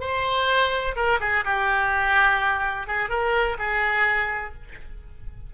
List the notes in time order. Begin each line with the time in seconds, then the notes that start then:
0.00 C5
0.96 A#4
1.20 G#4
1.44 G4
2.87 G#4
3.09 A#4
3.58 G#4